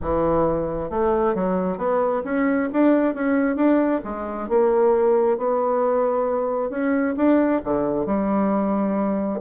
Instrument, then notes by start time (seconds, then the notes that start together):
bassoon
0.01 E3
0.90 A3
1.34 F#3
1.77 B3
2.24 C#4
2.72 D4
3.14 C#4
3.56 D4
4.04 G#3
4.48 A#3
5.37 B3
6.70 C#4
7.16 D4
7.64 D3
8.06 G3